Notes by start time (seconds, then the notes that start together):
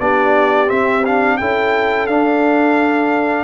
0.00 B3 D4 G4 D5
0.67 C4 E5
1.05 D4 F5
1.37 C#4 E4 A4 G5
2.07 D4 F5